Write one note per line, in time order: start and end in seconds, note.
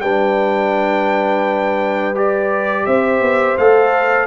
0.00 2.86 G3
0.00 2.15 D4
0.00 2.87 B4
0.00 2.15 G5
2.15 3.57 G4
2.15 2.86 D5
2.86 3.20 C4
2.86 4.27 C5
2.86 3.57 E5
3.20 3.56 B3
3.57 4.27 A3
3.57 4.27 A4
3.57 4.27 F5